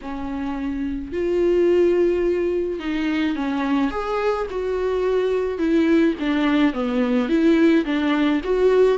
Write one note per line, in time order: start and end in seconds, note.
0.01 1.12 C#4
1.12 2.79 F4
2.79 3.35 D#4
3.35 3.90 C#4
3.90 4.46 G#4
4.50 5.58 F#4
5.58 6.14 E4
6.19 6.73 D4
6.73 7.28 B3
7.28 7.85 E4
7.85 8.41 D4
8.44 8.98 F#4